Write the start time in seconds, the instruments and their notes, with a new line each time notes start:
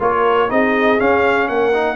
0.00 tuba A#3, trombone F4, horn A#4, trumpet C#5
0.49 tuba C4, trombone D#4, horn G#4, trumpet D#5
0.98 trombone C#4, tuba C#4, trumpet F5
1.48 tuba A#3, horn A#4, trumpet F#5
1.74 trombone D#4